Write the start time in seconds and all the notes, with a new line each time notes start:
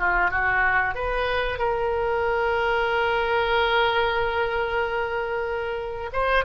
0.00 F4
0.31 F#4
0.95 B4
1.59 A#4
6.13 C5